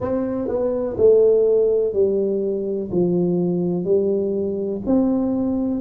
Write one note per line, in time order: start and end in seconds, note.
0.00 0.48 C4
0.48 0.96 B3
0.97 1.93 A3
1.93 2.89 G3
2.91 3.84 F3
3.84 4.81 G3
4.86 5.80 C4